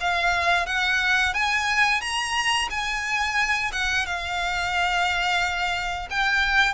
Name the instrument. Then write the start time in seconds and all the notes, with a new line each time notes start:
violin
0.00 F5
0.66 F#5
1.34 G#5
2.01 A#5
2.70 G#5
3.72 F#5
4.06 F5
6.10 G5